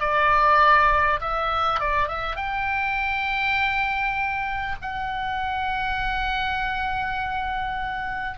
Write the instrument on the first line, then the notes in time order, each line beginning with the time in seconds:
oboe
0.00 D5
1.21 E5
1.80 D5
2.08 E5
2.36 G5
4.82 F#5